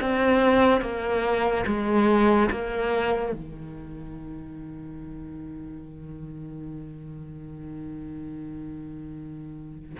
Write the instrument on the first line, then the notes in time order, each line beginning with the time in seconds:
cello
0.00 C4
0.81 A#3
1.66 G#3
2.51 A#3
3.33 D#3